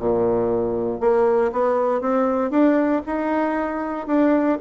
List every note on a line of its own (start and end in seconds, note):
0.00 1.00 A#2
1.00 1.52 A#3
1.52 2.01 B3
2.01 2.51 C4
2.51 3.02 D4
3.06 4.07 D#4
4.07 4.59 D4